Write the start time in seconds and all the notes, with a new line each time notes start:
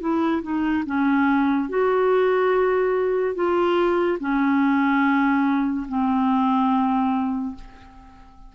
0.00 E4
0.42 D#4
0.86 C#4
1.69 F#4
3.35 F4
4.20 C#4
5.88 C4